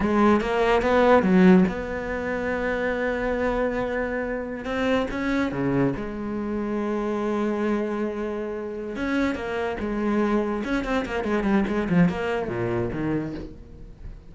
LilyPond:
\new Staff \with { instrumentName = "cello" } { \time 4/4 \tempo 4 = 144 gis4 ais4 b4 fis4 | b1~ | b2.~ b16 c'8.~ | c'16 cis'4 cis4 gis4.~ gis16~ |
gis1~ | gis4. cis'4 ais4 gis8~ | gis4. cis'8 c'8 ais8 gis8 g8 | gis8 f8 ais4 ais,4 dis4 | }